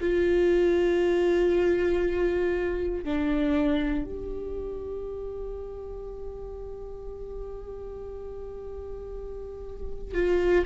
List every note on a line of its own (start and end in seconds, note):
0.00 3.04 F4
3.04 4.04 D4
4.04 10.14 G4
10.14 10.65 F4